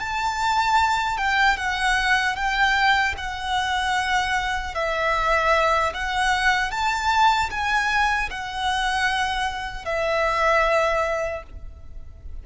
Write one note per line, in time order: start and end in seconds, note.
0.00 1.18 A5
1.18 1.57 G5
1.58 2.36 F#5
2.36 3.15 G5
3.18 4.75 F#5
4.75 5.94 E5
5.94 6.71 F#5
6.71 7.50 A5
7.51 8.30 G#5
8.31 9.86 F#5
9.86 11.44 E5